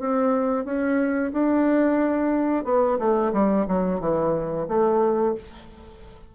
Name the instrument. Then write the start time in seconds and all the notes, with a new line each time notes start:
bassoon
0.00 C4
0.65 C#4
1.33 D4
2.65 B3
2.99 A3
3.33 G3
3.68 F#3
4.00 E3
4.68 A3